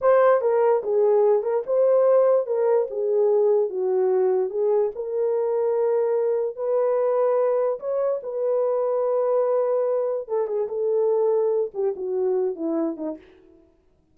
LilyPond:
\new Staff \with { instrumentName = "horn" } { \time 4/4 \tempo 4 = 146 c''4 ais'4 gis'4. ais'8 | c''2 ais'4 gis'4~ | gis'4 fis'2 gis'4 | ais'1 |
b'2. cis''4 | b'1~ | b'4 a'8 gis'8 a'2~ | a'8 g'8 fis'4. e'4 dis'8 | }